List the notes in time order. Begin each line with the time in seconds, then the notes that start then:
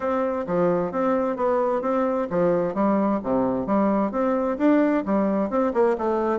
0.00 C4
0.46 F3
0.91 C4
1.36 B3
1.81 C4
2.29 F3
2.74 G3
3.23 C3
3.66 G3
4.11 C4
4.58 D4
5.05 G3
5.50 C4
5.73 A#3
5.98 A3